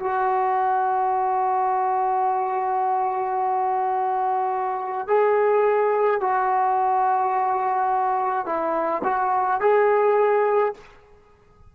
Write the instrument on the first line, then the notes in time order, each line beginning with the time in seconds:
trombone
0.00 F#4
5.08 G#4
6.21 F#4
8.46 E4
9.05 F#4
9.61 G#4